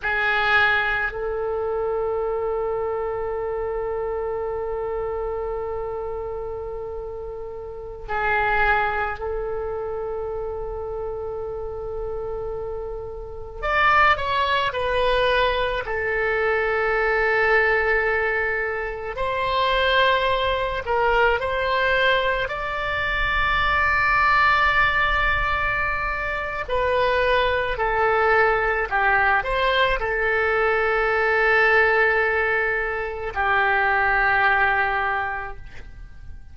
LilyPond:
\new Staff \with { instrumentName = "oboe" } { \time 4/4 \tempo 4 = 54 gis'4 a'2.~ | a'2.~ a'16 gis'8.~ | gis'16 a'2.~ a'8.~ | a'16 d''8 cis''8 b'4 a'4.~ a'16~ |
a'4~ a'16 c''4. ais'8 c''8.~ | c''16 d''2.~ d''8. | b'4 a'4 g'8 c''8 a'4~ | a'2 g'2 | }